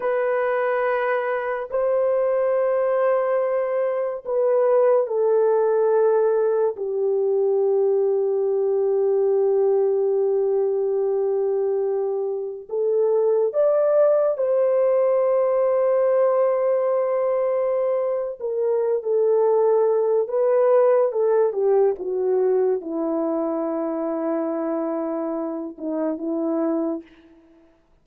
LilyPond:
\new Staff \with { instrumentName = "horn" } { \time 4/4 \tempo 4 = 71 b'2 c''2~ | c''4 b'4 a'2 | g'1~ | g'2. a'4 |
d''4 c''2.~ | c''4.~ c''16 ais'8. a'4. | b'4 a'8 g'8 fis'4 e'4~ | e'2~ e'8 dis'8 e'4 | }